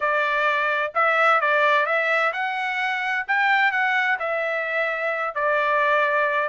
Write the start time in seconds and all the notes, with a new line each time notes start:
0.00 D5
0.94 E5
1.41 D5
1.85 E5
2.33 F#5
3.27 G5
3.71 F#5
4.19 E5
5.35 D5